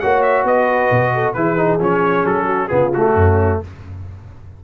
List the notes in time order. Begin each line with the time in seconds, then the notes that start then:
0.00 A#3 F#4 C#5 F#5
0.23 E5
0.44 B3 B4 D#5
0.91 B2
1.14 A4
1.33 E3 E4 G#4 B4
1.57 D#4
1.79 F3 C#4 C#5
2.25 F#3 A4
2.46 F#4
2.68 C#3 B3 F4 G#4
2.93 A3 F#4
3.15 F#2 C#4